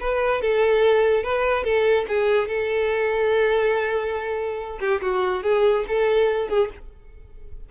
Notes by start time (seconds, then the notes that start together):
0.00 B4
0.41 A4
1.23 B4
1.64 A4
2.08 G#4
2.48 A4
4.80 G4
5.01 F#4
5.43 G#4
5.88 A4
6.48 G#4